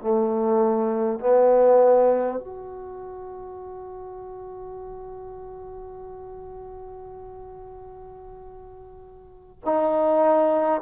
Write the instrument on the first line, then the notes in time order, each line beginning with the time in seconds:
trombone
0.00 A3
1.19 B3
2.39 F#4
9.64 D#4